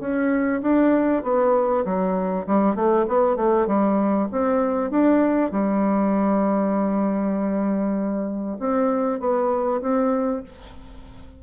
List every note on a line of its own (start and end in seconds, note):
0.00 0.61 C#4
0.62 1.23 D4
1.23 1.84 B3
1.85 2.46 F#3
2.47 2.75 G3
2.75 3.06 A3
3.08 3.36 B3
3.36 3.67 A3
3.67 4.28 G3
4.32 4.90 C4
4.90 5.51 D4
5.51 8.57 G3
8.59 9.19 C4
9.19 9.81 B3
9.81 10.42 C4